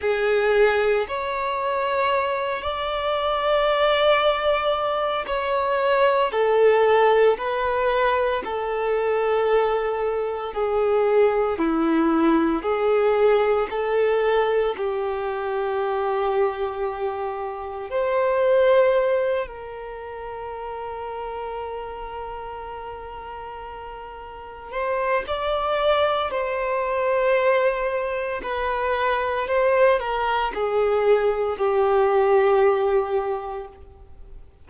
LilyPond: \new Staff \with { instrumentName = "violin" } { \time 4/4 \tempo 4 = 57 gis'4 cis''4. d''4.~ | d''4 cis''4 a'4 b'4 | a'2 gis'4 e'4 | gis'4 a'4 g'2~ |
g'4 c''4. ais'4.~ | ais'2.~ ais'8 c''8 | d''4 c''2 b'4 | c''8 ais'8 gis'4 g'2 | }